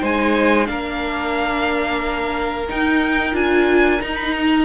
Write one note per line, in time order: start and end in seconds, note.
0.00 0.68 G#3
0.00 0.66 D#4
0.00 0.67 C5
0.00 0.66 G#5
0.66 2.68 A#3
0.66 2.66 D4
0.66 4.65 A#4
0.66 2.66 F5
2.68 3.32 D#4
2.68 3.33 D#4
2.68 3.35 G5
3.32 4.00 D4
3.32 3.99 F4
3.32 4.01 G#5
4.00 4.65 D#4
4.00 4.16 A#5
4.16 4.32 B5
4.32 4.65 A#5